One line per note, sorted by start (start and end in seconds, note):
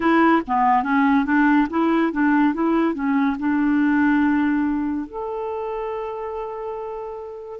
0.00 0.42 E4
0.46 0.83 B3
0.83 1.25 C#4
1.25 1.67 D4
1.70 2.12 E4
2.12 2.54 D4
2.54 2.94 E4
2.94 3.36 C#4
3.39 5.06 D4
5.06 7.59 A4